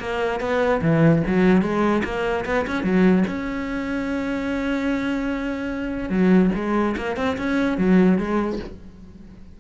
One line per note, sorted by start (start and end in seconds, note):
0.00 0.40 A#3
0.40 0.81 B3
0.82 1.23 E3
1.27 1.62 F#3
1.62 2.03 G#3
2.05 2.45 A#3
2.45 2.66 B3
2.67 2.83 C#4
2.83 3.24 F#3
3.28 6.10 C#4
6.10 6.51 F#3
6.55 6.96 G#3
6.97 7.17 A#3
7.17 7.37 C4
7.37 7.78 C#4
7.78 8.18 F#3
8.18 8.59 G#3